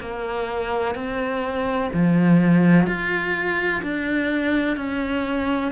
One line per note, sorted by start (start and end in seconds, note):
0.00 0.95 A#3
0.95 1.90 C4
1.93 2.87 F3
2.87 3.82 F4
3.83 4.77 D4
4.77 5.72 C#4